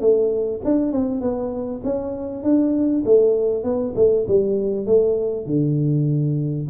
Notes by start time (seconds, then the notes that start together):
0.00 A3
0.64 D4
0.91 C4
1.20 B3
1.83 C#4
2.43 D4
3.05 A3
3.63 B3
3.95 A3
4.27 G3
4.86 A3
5.45 D3